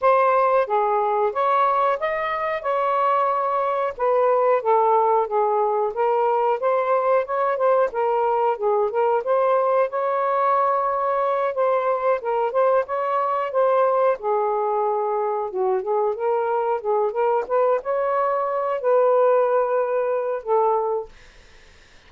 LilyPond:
\new Staff \with { instrumentName = "saxophone" } { \time 4/4 \tempo 4 = 91 c''4 gis'4 cis''4 dis''4 | cis''2 b'4 a'4 | gis'4 ais'4 c''4 cis''8 c''8 | ais'4 gis'8 ais'8 c''4 cis''4~ |
cis''4. c''4 ais'8 c''8 cis''8~ | cis''8 c''4 gis'2 fis'8 | gis'8 ais'4 gis'8 ais'8 b'8 cis''4~ | cis''8 b'2~ b'8 a'4 | }